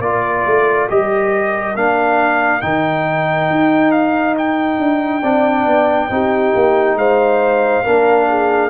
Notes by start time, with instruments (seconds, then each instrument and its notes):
0.00 tuba A#3, trombone F4, horn A#4, trumpet D5
0.46 tuba A3
0.89 tuba G3, trombone G4, trumpet D#5
1.76 tuba A#3, trombone D4, trumpet F5
2.62 tuba D#3, trombone D#4, trumpet G5
3.51 tuba D#4
3.92 trumpet F5
4.38 trumpet G5
4.79 tuba D4
5.22 tuba C4, trombone D4, horn D5
5.66 tuba B3
6.10 tuba C4, trombone D#4, horn G4
6.55 tuba A#3
6.95 tuba G#3, horn C5, trumpet F5
7.84 tuba A#3, trombone D4, horn A#4
8.29 horn G#4